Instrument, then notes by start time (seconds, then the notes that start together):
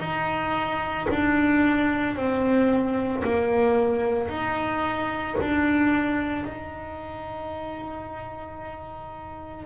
double bass
0.00 D#4
1.10 D4
2.16 C4
3.24 A#3
4.29 D#4
5.41 D4
6.44 D#4